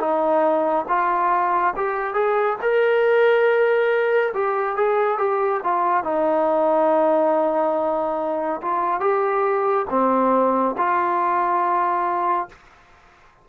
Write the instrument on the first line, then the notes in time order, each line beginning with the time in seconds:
trombone
0.00 D#4
0.88 F4
1.76 G4
2.14 G#4
2.62 A#4
4.34 G4
4.76 G#4
5.18 G4
5.64 F4
6.04 D#4
8.62 F4
9.00 G4
9.90 C4
10.77 F4